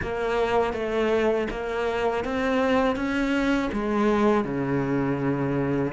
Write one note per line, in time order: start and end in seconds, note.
0.02 0.73 A#3
0.73 1.47 A3
1.50 2.24 A#3
2.24 2.96 C4
2.96 3.70 C#4
3.72 4.44 G#3
4.44 5.92 C#3